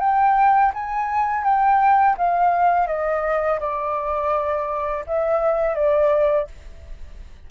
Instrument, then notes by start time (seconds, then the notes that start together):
flute
0.00 G5
0.74 G#5
1.44 G5
2.18 F5
2.88 D#5
3.60 D5
5.07 E5
5.75 D5